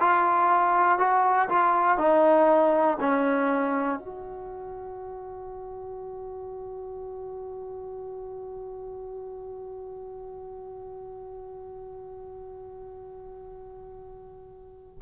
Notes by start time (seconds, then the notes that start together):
0.00 F4
0.99 F#4
1.49 F4
1.98 D#4
3.00 C#4
3.99 F#4